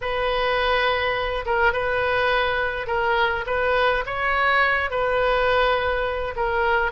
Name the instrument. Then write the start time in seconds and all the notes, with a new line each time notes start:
oboe
0.01 B4
1.45 A#4
1.72 B4
2.87 A#4
3.46 B4
4.05 C#5
4.90 B4
6.36 A#4